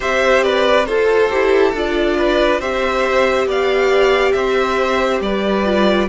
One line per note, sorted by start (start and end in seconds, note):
0.00 0.87 C4
0.00 0.84 G4
0.00 0.43 C5
0.00 0.43 E5
0.43 0.86 B4
0.43 0.85 D5
0.85 1.31 F4
0.85 2.16 A4
0.85 1.30 A4
0.85 1.72 C5
1.30 1.73 E4
1.30 1.73 G4
1.73 2.60 D4
1.73 2.61 F4
1.73 2.60 D5
2.17 2.59 B4
2.59 3.45 C4
2.59 5.64 G4
2.59 3.46 C5
2.59 3.47 E5
3.45 4.32 B3
3.45 4.34 D5
3.45 4.32 F5
4.32 5.20 C4
4.32 5.22 C5
4.32 5.19 E5
5.20 6.07 G3
5.20 6.09 B4
5.20 6.09 D5
5.64 6.08 F4